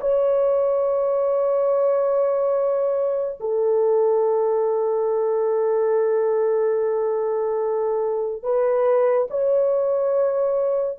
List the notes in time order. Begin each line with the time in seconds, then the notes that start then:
0.00 C#5
3.40 A4
8.43 B4
9.30 C#5